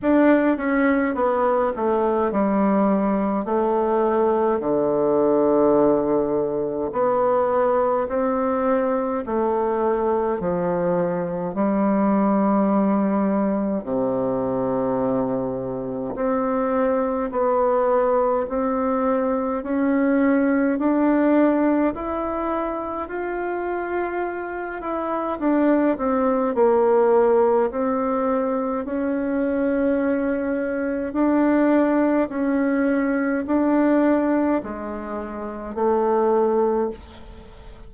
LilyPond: \new Staff \with { instrumentName = "bassoon" } { \time 4/4 \tempo 4 = 52 d'8 cis'8 b8 a8 g4 a4 | d2 b4 c'4 | a4 f4 g2 | c2 c'4 b4 |
c'4 cis'4 d'4 e'4 | f'4. e'8 d'8 c'8 ais4 | c'4 cis'2 d'4 | cis'4 d'4 gis4 a4 | }